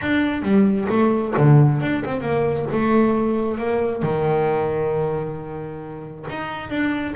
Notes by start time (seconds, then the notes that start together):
0.01 D4
0.42 G3
0.89 A3
1.37 D3
1.81 D4
2.05 C4
2.20 A#3
2.72 A3
3.58 A#3
4.02 D#3
6.29 D#4
6.69 D4